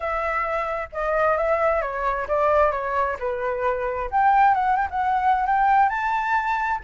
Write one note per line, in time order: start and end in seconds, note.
0.00 0.88 E5
0.92 1.37 D#5
1.37 1.81 E5
1.81 2.27 C#5
2.28 2.71 D5
2.71 3.17 C#5
3.19 4.10 B4
4.10 4.54 G5
4.54 4.76 F#5
4.76 4.88 G5
4.90 5.46 F#5
5.46 5.89 G5
5.89 6.80 A5